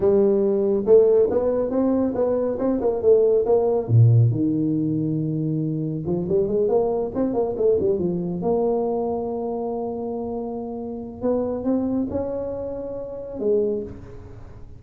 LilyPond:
\new Staff \with { instrumentName = "tuba" } { \time 4/4 \tempo 4 = 139 g2 a4 b4 | c'4 b4 c'8 ais8 a4 | ais4 ais,4 dis2~ | dis2 f8 g8 gis8 ais8~ |
ais8 c'8 ais8 a8 g8 f4 ais8~ | ais1~ | ais2 b4 c'4 | cis'2. gis4 | }